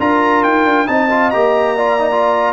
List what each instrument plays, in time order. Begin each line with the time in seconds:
0.00 tuba D4, trombone F4, horn A#4, trumpet A#5
0.44 tuba D#4, trumpet G5
0.66 tuba D4
0.87 tuba C4, trombone D#4, horn D#5, trumpet A5
1.11 trombone F4
1.31 tuba A#3, trombone G4, trumpet A#5
1.77 trombone F4, horn D5
2.00 trombone D#4
2.12 trombone F4